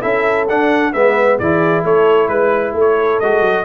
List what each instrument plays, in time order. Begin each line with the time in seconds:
0.00 tuba C#4, trombone E4, horn A4, trumpet E5
0.48 trombone D4, tuba D4, trumpet F#5
0.92 tuba G#3, trombone B3, horn B4, trumpet E5
1.38 tuba E3, trombone E4, horn G#4, trumpet D5
1.84 tuba A3, horn A4, trumpet C#5
2.28 tuba G#3, trumpet B4, horn B4
2.73 tuba A3, horn A4
2.80 trumpet C#5
3.20 tuba G#3, trombone F#4, trumpet D#5
3.41 tuba F#3